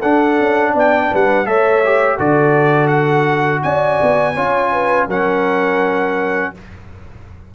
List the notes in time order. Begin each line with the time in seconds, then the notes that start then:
0.00 D4 A4 F#5
0.39 C#4
0.73 B3 D5 G5
1.11 G3 B4 F#5
1.45 A3 A4 C#5 E5
1.84 G4
2.16 D3 F#4 A4 D5
2.87 F#5
3.62 C#4 D5 G#5
4.02 B3
4.34 C#4 F4 C#5
4.72 B4
5.07 F#3 C#4 A#4 F#5